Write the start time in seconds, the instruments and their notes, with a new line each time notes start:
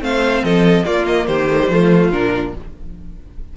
0.00 cello A3, viola C4, violin C5 F5
0.44 cello F3, violin A4 D#5
0.85 viola A#3, cello A#3, violin F4 D5
1.06 violin D#5
1.27 cello D#3, violin G4 C5
1.50 viola A3
1.61 viola G3
1.69 cello F3, viola A3, violin F4
2.11 cello A#2, viola D4, violin A#4